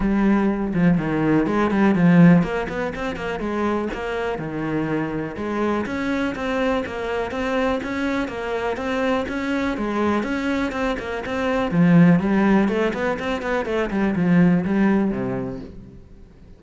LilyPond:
\new Staff \with { instrumentName = "cello" } { \time 4/4 \tempo 4 = 123 g4. f8 dis4 gis8 g8 | f4 ais8 b8 c'8 ais8 gis4 | ais4 dis2 gis4 | cis'4 c'4 ais4 c'4 |
cis'4 ais4 c'4 cis'4 | gis4 cis'4 c'8 ais8 c'4 | f4 g4 a8 b8 c'8 b8 | a8 g8 f4 g4 c4 | }